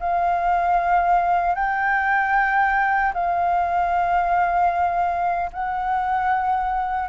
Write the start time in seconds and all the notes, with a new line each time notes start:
0.00 F5
1.55 G5
3.14 F5
5.53 F#5